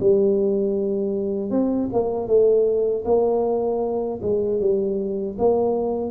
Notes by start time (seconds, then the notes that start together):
0.00 G3
1.50 C4
1.93 A#3
2.27 A3
3.05 A#3
4.22 G#3
4.60 G3
5.38 A#3